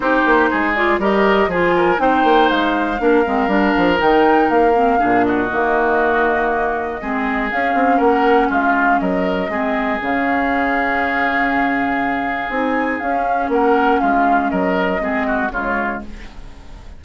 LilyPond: <<
  \new Staff \with { instrumentName = "flute" } { \time 4/4 \tempo 4 = 120 c''4. d''8 dis''4 gis''4 | g''4 f''2. | g''4 f''4. dis''4.~ | dis''2. f''4 |
fis''4 f''4 dis''2 | f''1~ | f''4 gis''4 f''4 fis''4 | f''4 dis''2 cis''4 | }
  \new Staff \with { instrumentName = "oboe" } { \time 4/4 g'4 gis'4 ais'4 gis'8 ais'8 | c''2 ais'2~ | ais'2 gis'8 fis'4.~ | fis'2 gis'2 |
ais'4 f'4 ais'4 gis'4~ | gis'1~ | gis'2. ais'4 | f'4 ais'4 gis'8 fis'8 f'4 | }
  \new Staff \with { instrumentName = "clarinet" } { \time 4/4 dis'4. f'8 g'4 f'4 | dis'2 d'8 c'8 d'4 | dis'4. c'8 d'4 ais4~ | ais2 c'4 cis'4~ |
cis'2. c'4 | cis'1~ | cis'4 dis'4 cis'2~ | cis'2 c'4 gis4 | }
  \new Staff \with { instrumentName = "bassoon" } { \time 4/4 c'8 ais8 gis4 g4 f4 | c'8 ais8 gis4 ais8 gis8 g8 f8 | dis4 ais4 ais,4 dis4~ | dis2 gis4 cis'8 c'8 |
ais4 gis4 fis4 gis4 | cis1~ | cis4 c'4 cis'4 ais4 | gis4 fis4 gis4 cis4 | }
>>